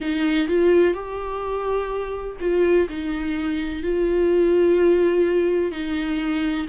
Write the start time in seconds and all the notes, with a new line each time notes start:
0.00 D#4
0.48 F4
0.94 G4
2.40 F4
2.89 D#4
3.83 F4
5.71 D#4